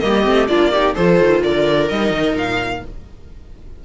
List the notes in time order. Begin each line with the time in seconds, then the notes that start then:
0.00 G3 A#3 G4 D#5
0.25 A3 C4
0.48 A#3 D4 F4 D5
0.73 D#4 G4
0.95 F3 F4 A4 C5
1.20 D#3
1.44 D3 A#4 D5
1.89 G3 D#4 D#5
2.11 D#3
2.35 A#2 F5